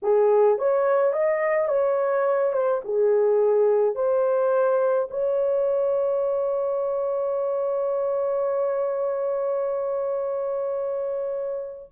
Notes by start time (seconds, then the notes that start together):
0.02 G#4
0.58 C#5
1.12 D#5
1.67 C#5
2.53 C5
2.84 G#4
3.95 C5
5.10 C#5